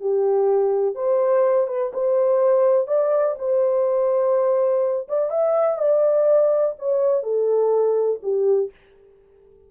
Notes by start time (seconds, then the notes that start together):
0.00 G4
0.95 C5
1.67 B4
1.94 C5
2.87 D5
3.38 C5
5.08 D5
5.30 E5
5.78 D5
6.79 C#5
7.23 A4
8.22 G4